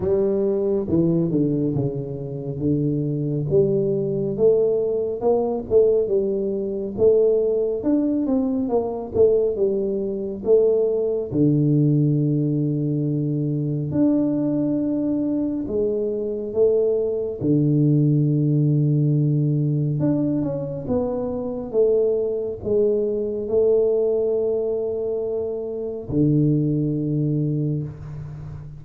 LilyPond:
\new Staff \with { instrumentName = "tuba" } { \time 4/4 \tempo 4 = 69 g4 e8 d8 cis4 d4 | g4 a4 ais8 a8 g4 | a4 d'8 c'8 ais8 a8 g4 | a4 d2. |
d'2 gis4 a4 | d2. d'8 cis'8 | b4 a4 gis4 a4~ | a2 d2 | }